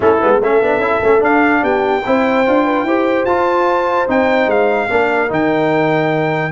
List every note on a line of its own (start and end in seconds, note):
0.00 0.20 A3
0.00 0.18 C#4
0.00 0.39 E4
0.00 0.42 A4
0.21 0.41 G#3
0.21 0.41 B3
0.40 0.61 A3
0.40 0.62 C#4
0.40 1.62 A4
0.40 1.23 E5
0.61 0.78 B3
0.61 0.81 D4
0.78 0.99 C#4
0.78 1.01 E4
1.02 1.22 A3
1.02 1.19 C#4
1.19 2.01 D4
1.19 1.62 D4
1.19 1.64 F5
1.62 2.03 B3
1.62 2.03 G4
1.62 3.25 G5
2.05 2.47 C4
2.05 2.46 E4
2.05 2.64 C5
2.46 2.83 D4
2.46 2.87 F4
2.64 2.85 B4
2.83 3.24 E4
2.83 3.28 G4
2.83 4.90 C5
3.25 4.07 F4
3.25 4.06 A5
4.07 4.46 C4
4.07 4.89 D#4
4.07 4.49 G5
4.46 4.87 G#3
4.46 5.31 F5
4.89 5.30 A#3
4.89 5.28 D4
4.89 6.52 A#4
5.28 6.52 D#3
5.28 6.51 D#4
5.28 6.52 G5